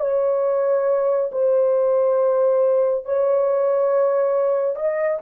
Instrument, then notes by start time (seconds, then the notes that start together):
horn
0.00 C#5
1.32 C5
3.05 C#5
4.75 D#5